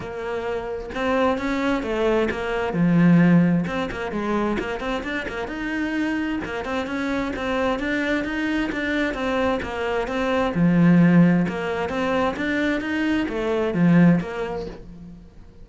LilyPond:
\new Staff \with { instrumentName = "cello" } { \time 4/4 \tempo 4 = 131 ais2 c'4 cis'4 | a4 ais4 f2 | c'8 ais8 gis4 ais8 c'8 d'8 ais8 | dis'2 ais8 c'8 cis'4 |
c'4 d'4 dis'4 d'4 | c'4 ais4 c'4 f4~ | f4 ais4 c'4 d'4 | dis'4 a4 f4 ais4 | }